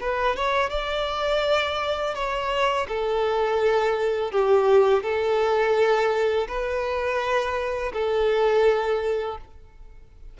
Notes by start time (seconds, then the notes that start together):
0.00 B4
0.36 C#5
0.70 D5
2.14 C#5
2.88 A4
4.31 G4
5.03 A4
6.47 B4
7.93 A4